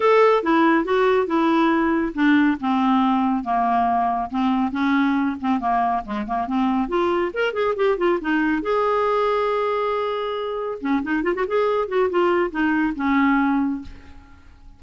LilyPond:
\new Staff \with { instrumentName = "clarinet" } { \time 4/4 \tempo 4 = 139 a'4 e'4 fis'4 e'4~ | e'4 d'4 c'2 | ais2 c'4 cis'4~ | cis'8 c'8 ais4 gis8 ais8 c'4 |
f'4 ais'8 gis'8 g'8 f'8 dis'4 | gis'1~ | gis'4 cis'8 dis'8 f'16 fis'16 gis'4 fis'8 | f'4 dis'4 cis'2 | }